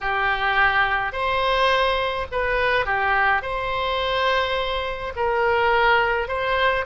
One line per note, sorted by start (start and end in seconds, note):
0.00 1.12 G4
1.12 2.26 C5
2.31 2.85 B4
2.85 3.42 G4
3.42 5.13 C5
5.16 6.28 A#4
6.28 6.85 C5